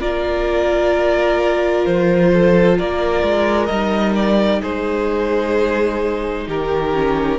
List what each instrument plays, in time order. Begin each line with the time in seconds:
0.00 cello A#3, viola F4, violin A#4 D5
1.86 cello F3, violin C5
2.33 violin A4
2.79 cello A#3, violin A#4 D5
3.23 cello G#3
3.66 cello G3, viola D#4, violin D#5
4.16 violin D5
4.61 cello G#3, violin G#4 C5
6.48 cello D#3, violin G4 A#4
6.94 viola C#4